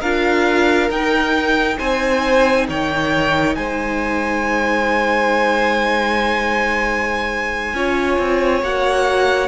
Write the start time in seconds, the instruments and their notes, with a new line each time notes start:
0.00 cello D4, viola F4, violin A#4 F5
0.90 cello D#4, viola D#4, violin G5
1.78 cello C4, violin C5 G#5
2.68 cello D#3, violin C#5 G5
3.55 cello G#3, violin C5 G#5
7.74 cello C#4, viola F4, violin C#5
8.19 cello C4
8.62 cello A#3, viola F#4, violin F#5